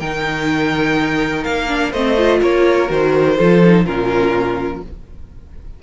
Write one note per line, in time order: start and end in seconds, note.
0.00 1.46 D#3
0.00 1.68 D#4
0.00 1.91 A#4
0.00 1.44 G5
1.44 1.93 A#3
1.44 1.92 F5
1.68 1.92 D4
1.91 2.41 A3
1.91 2.17 C4
1.91 2.40 C5
1.91 2.42 D#5
2.17 2.88 F4
2.42 2.90 A#3
2.42 3.37 A#4
2.42 2.91 C#5
2.88 3.38 D#3
2.88 3.37 F#4
2.88 3.86 C5
3.37 3.86 F3
3.37 3.64 F4
3.37 3.85 A4
3.65 3.87 D#4
3.86 4.83 A#2
3.86 4.83 C#4
3.86 4.83 F4
3.86 4.82 A#4